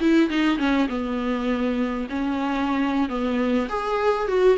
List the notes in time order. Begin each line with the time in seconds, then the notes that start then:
0.00 E4
0.29 D#4
0.58 C#4
0.88 B3
2.09 C#4
3.09 B3
3.69 G#4
4.27 F#4